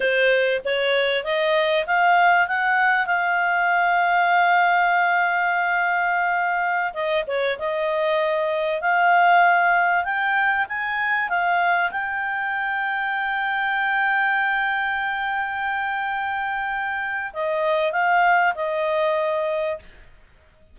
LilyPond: \new Staff \with { instrumentName = "clarinet" } { \time 4/4 \tempo 4 = 97 c''4 cis''4 dis''4 f''4 | fis''4 f''2.~ | f''2.~ f''16 dis''8 cis''16~ | cis''16 dis''2 f''4.~ f''16~ |
f''16 g''4 gis''4 f''4 g''8.~ | g''1~ | g''1 | dis''4 f''4 dis''2 | }